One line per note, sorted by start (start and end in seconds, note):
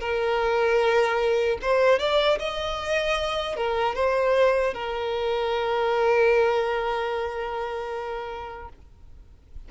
0.00 1.58 A#4
1.61 1.99 C5
1.99 2.38 D5
2.39 3.56 D#5
3.56 3.95 A#4
3.95 4.74 C5
4.74 8.68 A#4